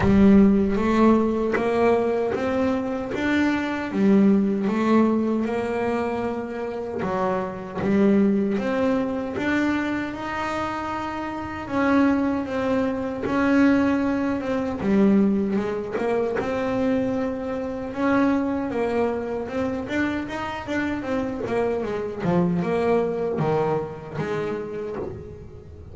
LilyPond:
\new Staff \with { instrumentName = "double bass" } { \time 4/4 \tempo 4 = 77 g4 a4 ais4 c'4 | d'4 g4 a4 ais4~ | ais4 fis4 g4 c'4 | d'4 dis'2 cis'4 |
c'4 cis'4. c'8 g4 | gis8 ais8 c'2 cis'4 | ais4 c'8 d'8 dis'8 d'8 c'8 ais8 | gis8 f8 ais4 dis4 gis4 | }